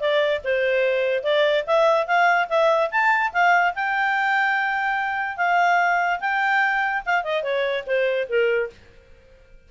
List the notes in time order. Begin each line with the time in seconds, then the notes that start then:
0.00 D5
0.44 C5
1.23 D5
1.66 E5
2.07 F5
2.49 E5
2.91 A5
3.33 F5
3.75 G5
5.37 F5
6.20 G5
7.06 F5
7.24 D#5
7.43 C#5
7.86 C5
8.29 A#4